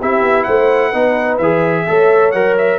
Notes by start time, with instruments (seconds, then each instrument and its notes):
0.00 tuba C4, trombone E4, horn G4, trumpet E5
0.22 tuba B3
0.43 tuba A3, horn C5, trumpet F#5
0.89 tuba B3, trombone D#4, horn B4
1.37 tuba E3, trombone G#4, trumpet E5
1.87 tuba A3, trombone A4, horn C#5
2.31 tuba F#3, trombone A#4, trumpet F#5
2.57 trumpet E5